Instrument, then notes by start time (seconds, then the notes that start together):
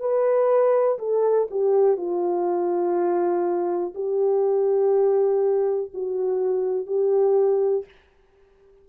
horn
0.00 B4
0.99 A4
1.51 G4
1.97 F4
3.95 G4
5.94 F#4
6.87 G4